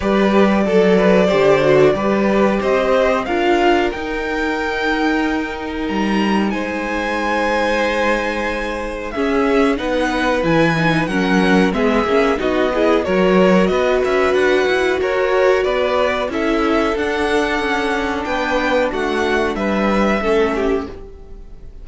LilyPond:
<<
  \new Staff \with { instrumentName = "violin" } { \time 4/4 \tempo 4 = 92 d''1 | dis''4 f''4 g''2~ | g''4 ais''4 gis''2~ | gis''2 e''4 fis''4 |
gis''4 fis''4 e''4 dis''4 | cis''4 dis''8 e''8 fis''4 cis''4 | d''4 e''4 fis''2 | g''4 fis''4 e''2 | }
  \new Staff \with { instrumentName = "violin" } { \time 4/4 b'4 a'8 b'8 c''4 b'4 | c''4 ais'2.~ | ais'2 c''2~ | c''2 gis'4 b'4~ |
b'4 ais'4 gis'4 fis'8 gis'8 | ais'4 b'2 ais'4 | b'4 a'2. | b'4 fis'4 b'4 a'8 g'8 | }
  \new Staff \with { instrumentName = "viola" } { \time 4/4 g'4 a'4 g'8 fis'8 g'4~ | g'4 f'4 dis'2~ | dis'1~ | dis'2 cis'4 dis'4 |
e'8 dis'8 cis'4 b8 cis'8 dis'8 e'8 | fis'1~ | fis'4 e'4 d'2~ | d'2. cis'4 | }
  \new Staff \with { instrumentName = "cello" } { \time 4/4 g4 fis4 d4 g4 | c'4 d'4 dis'2~ | dis'4 g4 gis2~ | gis2 cis'4 b4 |
e4 fis4 gis8 ais8 b4 | fis4 b8 cis'8 d'8 e'8 fis'4 | b4 cis'4 d'4 cis'4 | b4 a4 g4 a4 | }
>>